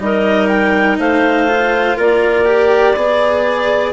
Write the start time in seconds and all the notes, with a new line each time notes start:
0.00 G3 D#4 A#4 D#5
0.48 G5
0.99 A3 C5 F5
1.48 F4
1.97 A#3 A#4 D5
2.45 G4
2.96 B3 G#4 D5